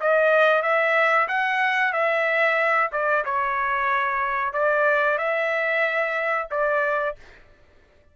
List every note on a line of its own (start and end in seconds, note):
0.00 0.62 D#5
0.62 1.27 E5
1.27 1.92 F#5
1.92 2.90 E5
2.92 3.24 D5
3.25 4.53 C#5
4.53 5.18 D5
5.18 6.48 E5
6.51 7.16 D5